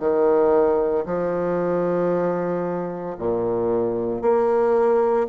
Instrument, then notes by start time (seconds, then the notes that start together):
bassoon
0.00 D#3
1.06 F3
3.19 A#2
4.22 A#3